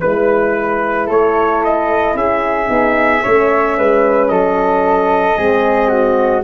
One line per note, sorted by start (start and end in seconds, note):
0.00 1.09 G#3
0.00 2.66 E4
0.00 1.07 B4
1.07 2.14 A3
1.07 2.14 A4
1.07 1.63 C#5
1.64 2.17 D#5
2.14 2.68 C#4
2.14 3.23 G#4
2.14 4.28 E5
2.66 3.23 B3
2.66 3.20 D#4
3.23 3.79 A3
3.23 5.36 C#4
3.23 3.76 C#5
3.77 4.29 G#3
3.77 4.31 B4
4.28 5.37 F#3
4.28 5.37 A4
4.28 6.43 D#5
5.36 6.44 G#3
5.36 6.43 C4
5.36 5.89 G#4
5.89 6.42 F#4